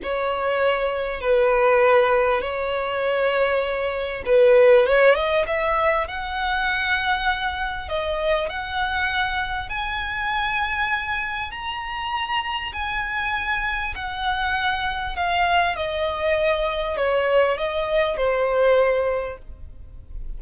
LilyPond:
\new Staff \with { instrumentName = "violin" } { \time 4/4 \tempo 4 = 99 cis''2 b'2 | cis''2. b'4 | cis''8 dis''8 e''4 fis''2~ | fis''4 dis''4 fis''2 |
gis''2. ais''4~ | ais''4 gis''2 fis''4~ | fis''4 f''4 dis''2 | cis''4 dis''4 c''2 | }